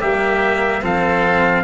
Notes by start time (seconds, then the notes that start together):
0.00 G3 A#3 G4 E5
0.81 F3 C4 A4 F5